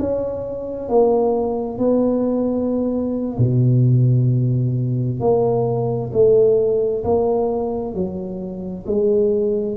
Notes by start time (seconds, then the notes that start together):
0.00 C#4
0.89 A#3
1.78 B3
3.38 B2
5.20 A#3
6.13 A3
7.04 A#3
7.95 F#3
8.86 G#3